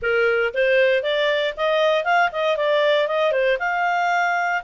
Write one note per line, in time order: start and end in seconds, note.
0.01 0.53 A#4
0.54 1.03 C5
1.03 1.54 D5
1.56 2.04 D#5
2.04 2.30 F5
2.31 2.56 D#5
2.56 3.07 D5
3.07 3.31 D#5
3.31 3.57 C5
3.59 4.62 F5